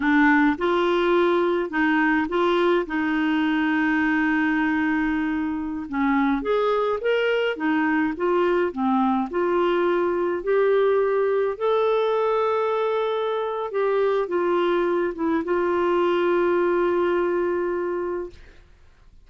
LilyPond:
\new Staff \with { instrumentName = "clarinet" } { \time 4/4 \tempo 4 = 105 d'4 f'2 dis'4 | f'4 dis'2.~ | dis'2~ dis'16 cis'4 gis'8.~ | gis'16 ais'4 dis'4 f'4 c'8.~ |
c'16 f'2 g'4.~ g'16~ | g'16 a'2.~ a'8. | g'4 f'4. e'8 f'4~ | f'1 | }